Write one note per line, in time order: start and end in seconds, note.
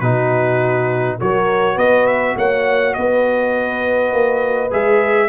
0.00 1.19 B2
0.00 1.20 D#4
0.00 1.18 F#4
0.00 1.18 B4
1.20 1.77 F#3
1.20 4.71 F#4
1.20 1.75 A#4
1.20 1.78 C#5
1.75 2.36 B3
1.75 2.34 B4
1.75 2.07 D#5
2.07 2.36 E5
2.37 2.95 A#3
2.37 2.96 C#5
2.37 2.94 F#5
2.94 4.12 B3
2.94 5.29 B4
2.94 4.70 D#5
4.12 4.71 A#3
4.71 5.29 G#3
4.71 5.29 G#4
4.71 5.29 E5